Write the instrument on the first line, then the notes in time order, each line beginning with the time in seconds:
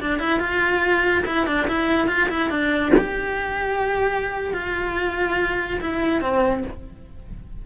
cello
0.00 D4
0.19 E4
0.39 F4
1.26 E4
1.46 D4
1.67 E4
2.07 F4
2.29 E4
2.49 D4
2.97 G4
4.53 F4
5.80 E4
6.21 C4